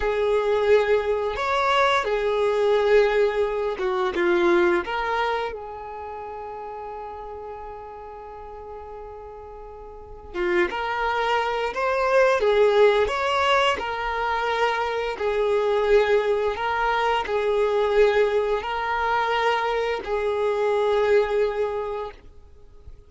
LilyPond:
\new Staff \with { instrumentName = "violin" } { \time 4/4 \tempo 4 = 87 gis'2 cis''4 gis'4~ | gis'4. fis'8 f'4 ais'4 | gis'1~ | gis'2. f'8 ais'8~ |
ais'4 c''4 gis'4 cis''4 | ais'2 gis'2 | ais'4 gis'2 ais'4~ | ais'4 gis'2. | }